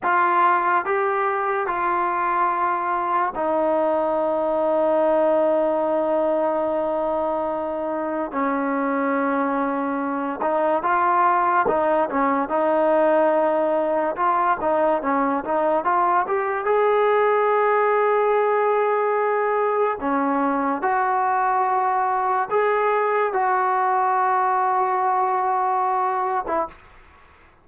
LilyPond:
\new Staff \with { instrumentName = "trombone" } { \time 4/4 \tempo 4 = 72 f'4 g'4 f'2 | dis'1~ | dis'2 cis'2~ | cis'8 dis'8 f'4 dis'8 cis'8 dis'4~ |
dis'4 f'8 dis'8 cis'8 dis'8 f'8 g'8 | gis'1 | cis'4 fis'2 gis'4 | fis'2.~ fis'8. e'16 | }